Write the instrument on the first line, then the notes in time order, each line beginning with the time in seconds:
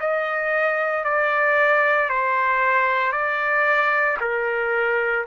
trumpet
0.00 D#5
1.04 D5
2.10 C5
3.12 D5
4.21 A#4